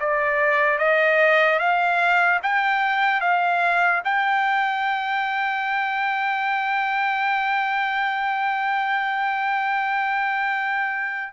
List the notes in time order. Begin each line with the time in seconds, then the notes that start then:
0.00 D5
0.79 D#5
1.59 F5
2.43 G5
3.21 F5
4.05 G5